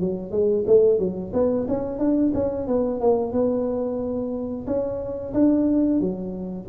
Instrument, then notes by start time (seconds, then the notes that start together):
tuba
0.00 F#3
0.31 G#3
0.67 A3
0.99 F#3
1.33 B3
1.68 C#4
1.99 D4
2.34 C#4
2.67 B3
3.00 A#3
3.32 B3
4.67 C#4
5.34 D4
6.00 F#3